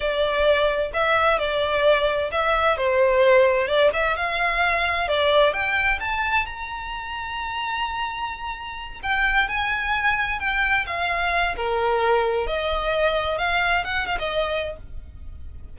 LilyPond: \new Staff \with { instrumentName = "violin" } { \time 4/4 \tempo 4 = 130 d''2 e''4 d''4~ | d''4 e''4 c''2 | d''8 e''8 f''2 d''4 | g''4 a''4 ais''2~ |
ais''2.~ ais''8 g''8~ | g''8 gis''2 g''4 f''8~ | f''4 ais'2 dis''4~ | dis''4 f''4 fis''8 f''16 dis''4~ dis''16 | }